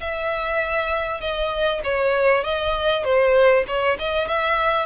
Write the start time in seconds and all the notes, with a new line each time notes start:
0.00 E5
1.20 D#5
1.83 C#5
2.43 D#5
3.04 C5
3.67 C#5
3.99 D#5
4.28 E5